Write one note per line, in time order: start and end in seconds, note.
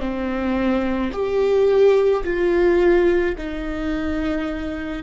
0.00 1.11 C4
1.12 2.23 G4
2.24 3.35 F4
3.37 5.03 D#4